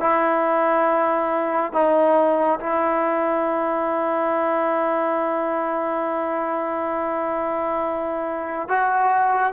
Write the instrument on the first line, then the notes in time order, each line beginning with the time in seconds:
trombone
0.00 E4
1.73 D#4
2.60 E4
8.69 F#4